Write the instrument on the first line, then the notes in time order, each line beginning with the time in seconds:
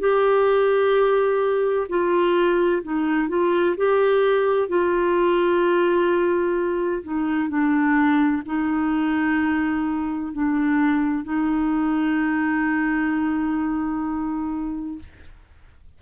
clarinet
0.00 G4
1.89 F4
2.83 D#4
3.29 F4
3.78 G4
4.69 F4
7.04 D#4
7.49 D4
8.46 D#4
10.33 D4
11.24 D#4